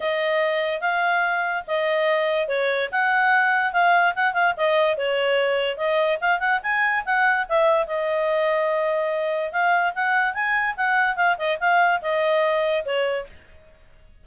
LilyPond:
\new Staff \with { instrumentName = "clarinet" } { \time 4/4 \tempo 4 = 145 dis''2 f''2 | dis''2 cis''4 fis''4~ | fis''4 f''4 fis''8 f''8 dis''4 | cis''2 dis''4 f''8 fis''8 |
gis''4 fis''4 e''4 dis''4~ | dis''2. f''4 | fis''4 gis''4 fis''4 f''8 dis''8 | f''4 dis''2 cis''4 | }